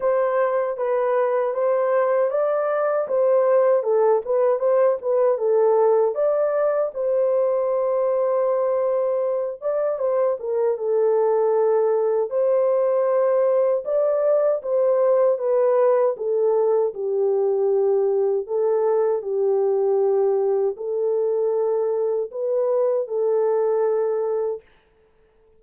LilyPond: \new Staff \with { instrumentName = "horn" } { \time 4/4 \tempo 4 = 78 c''4 b'4 c''4 d''4 | c''4 a'8 b'8 c''8 b'8 a'4 | d''4 c''2.~ | c''8 d''8 c''8 ais'8 a'2 |
c''2 d''4 c''4 | b'4 a'4 g'2 | a'4 g'2 a'4~ | a'4 b'4 a'2 | }